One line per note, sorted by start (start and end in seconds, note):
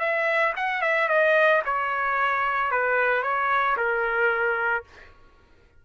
0.00 0.54 E5
0.57 0.82 F#5
0.82 1.09 E5
1.09 1.62 D#5
1.65 2.72 C#5
2.72 3.23 B4
3.23 3.77 C#5
3.77 4.84 A#4